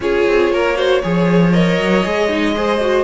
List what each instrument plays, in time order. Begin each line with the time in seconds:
0.00 cello C#4, viola F4, violin G#4 C#5
0.27 cello C4
0.51 cello A#3, violin A#4
0.76 viola F#4, violin C5
1.02 cello F3, viola G#4, violin C#5
1.52 viola A#4, violin D#5
1.78 cello F#3
2.04 cello G#3, viola G#4
2.29 viola D#4
2.55 viola G#4, violin C5
2.80 viola F#4